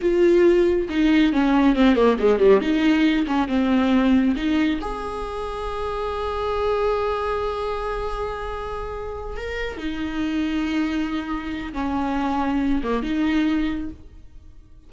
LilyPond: \new Staff \with { instrumentName = "viola" } { \time 4/4 \tempo 4 = 138 f'2 dis'4 cis'4 | c'8 ais8 gis8 g8 dis'4. cis'8 | c'2 dis'4 gis'4~ | gis'1~ |
gis'1~ | gis'4. ais'4 dis'4.~ | dis'2. cis'4~ | cis'4. ais8 dis'2 | }